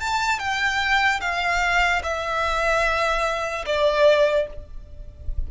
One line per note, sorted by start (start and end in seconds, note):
0.00 0.39 A5
0.39 1.21 G5
1.21 2.02 F5
2.03 3.65 E5
3.66 4.47 D5